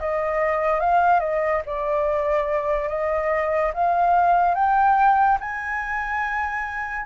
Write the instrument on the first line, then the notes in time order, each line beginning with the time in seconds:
flute
0.00 D#5
0.80 F5
1.20 D#5
1.66 D5
2.89 D#5
3.74 F5
4.55 G5
5.41 G#5